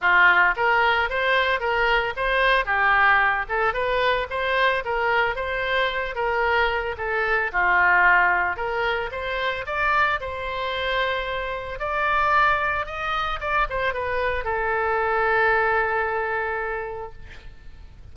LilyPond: \new Staff \with { instrumentName = "oboe" } { \time 4/4 \tempo 4 = 112 f'4 ais'4 c''4 ais'4 | c''4 g'4. a'8 b'4 | c''4 ais'4 c''4. ais'8~ | ais'4 a'4 f'2 |
ais'4 c''4 d''4 c''4~ | c''2 d''2 | dis''4 d''8 c''8 b'4 a'4~ | a'1 | }